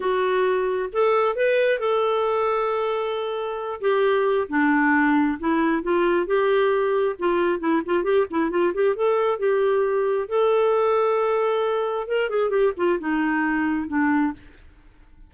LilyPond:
\new Staff \with { instrumentName = "clarinet" } { \time 4/4 \tempo 4 = 134 fis'2 a'4 b'4 | a'1~ | a'8 g'4. d'2 | e'4 f'4 g'2 |
f'4 e'8 f'8 g'8 e'8 f'8 g'8 | a'4 g'2 a'4~ | a'2. ais'8 gis'8 | g'8 f'8 dis'2 d'4 | }